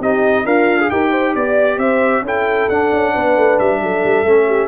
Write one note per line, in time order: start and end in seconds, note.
0.00 0.45 C4
0.00 0.45 D#4
0.00 0.45 G4
0.00 0.46 D#5
0.45 0.90 D4
0.45 0.90 F4
0.45 0.79 A#4
0.45 0.90 F5
0.80 0.91 G#4
0.90 1.35 D#4
0.90 2.25 G4
0.90 1.11 A#4
0.90 1.35 G5
1.11 1.33 C5
1.35 1.77 B3
1.35 1.79 D5
1.77 2.22 C4
1.77 2.24 C5
1.77 2.24 E5
2.22 2.66 C#4
2.22 2.71 E4
2.22 3.13 A4
2.22 2.69 G5
2.69 2.91 D4
2.69 4.26 D4
2.69 3.59 F#5
2.93 3.15 C#4
3.13 3.36 B3
3.13 3.80 B4
3.36 3.59 A3
3.59 3.81 G3
3.59 4.68 E5
3.81 4.03 F#3
3.81 4.47 A4
4.04 4.23 G3
4.23 4.68 A3
4.23 4.68 C#4
4.47 4.68 G4